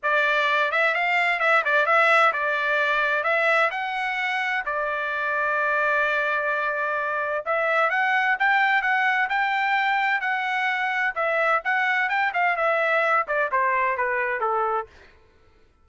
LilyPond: \new Staff \with { instrumentName = "trumpet" } { \time 4/4 \tempo 4 = 129 d''4. e''8 f''4 e''8 d''8 | e''4 d''2 e''4 | fis''2 d''2~ | d''1 |
e''4 fis''4 g''4 fis''4 | g''2 fis''2 | e''4 fis''4 g''8 f''8 e''4~ | e''8 d''8 c''4 b'4 a'4 | }